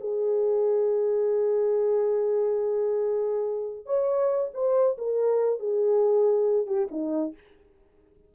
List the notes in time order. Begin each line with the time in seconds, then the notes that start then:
0.00 G#4
3.86 C#5
4.54 C5
4.98 A#4
5.59 G#4
6.67 G4
6.91 D#4